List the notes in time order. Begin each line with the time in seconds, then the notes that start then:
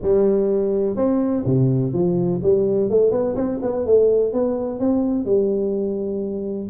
0.02 G3
0.95 C4
1.45 C3
1.93 F3
2.42 G3
2.89 A3
3.11 B3
3.35 C4
3.62 B3
3.86 A3
4.32 B3
4.79 C4
5.25 G3